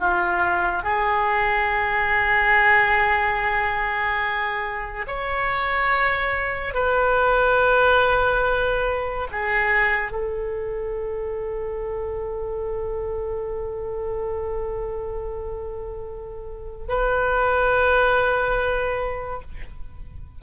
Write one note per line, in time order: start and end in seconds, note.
0.00 0.83 F4
0.83 5.06 G#4
5.07 6.74 C#5
6.74 9.28 B4
9.31 10.11 G#4
10.11 16.87 A4
16.88 19.42 B4